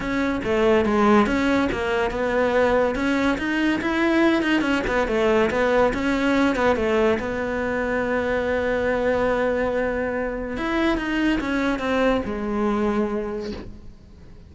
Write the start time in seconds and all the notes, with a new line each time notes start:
0.00 C#4
0.43 A3
0.85 G#3
1.26 C#4
1.72 A#3
2.10 B3
2.95 C#4
3.38 D#4
3.81 E4
4.42 D#4
4.61 C#4
4.87 B3
5.07 A3
5.50 B3
5.93 C#4
6.55 B3
6.76 A3
7.19 B3
10.57 E4
10.97 D#4
11.40 C#4
11.79 C4
12.25 G#3